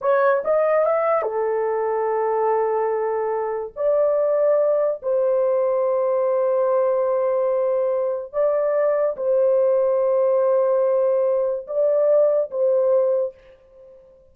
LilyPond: \new Staff \with { instrumentName = "horn" } { \time 4/4 \tempo 4 = 144 cis''4 dis''4 e''4 a'4~ | a'1~ | a'4 d''2. | c''1~ |
c''1 | d''2 c''2~ | c''1 | d''2 c''2 | }